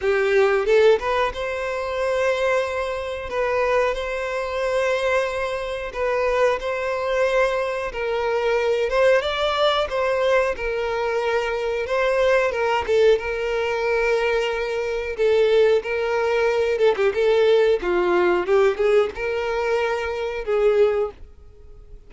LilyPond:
\new Staff \with { instrumentName = "violin" } { \time 4/4 \tempo 4 = 91 g'4 a'8 b'8 c''2~ | c''4 b'4 c''2~ | c''4 b'4 c''2 | ais'4. c''8 d''4 c''4 |
ais'2 c''4 ais'8 a'8 | ais'2. a'4 | ais'4. a'16 g'16 a'4 f'4 | g'8 gis'8 ais'2 gis'4 | }